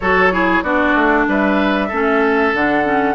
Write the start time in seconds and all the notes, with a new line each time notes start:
0.00 F#3 F#4 A4 C#5
0.31 E4 G#4
0.62 B3 D4 F#4 D5
0.94 A3
1.27 G3 B4 E5
1.87 A3 C#4 A4
2.53 D3 D4 F#5
2.84 C#4